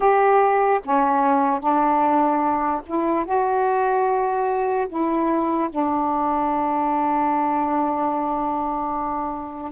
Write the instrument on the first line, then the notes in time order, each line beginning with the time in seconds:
saxophone
0.00 G4
0.84 C#4
1.60 D4
2.86 E4
3.25 F#4
4.88 E4
5.70 D4